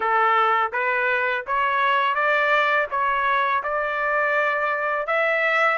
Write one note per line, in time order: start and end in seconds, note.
0.00 0.71 A4
0.72 1.44 B4
1.46 2.14 C#5
2.14 2.87 D5
2.90 3.62 C#5
3.63 5.06 D5
5.06 5.77 E5